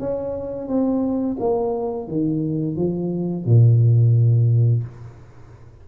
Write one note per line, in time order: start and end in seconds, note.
0.00 0.68 C#4
0.68 1.37 C4
1.40 2.08 A#3
2.08 2.77 D#3
2.77 3.46 F3
3.46 4.84 A#2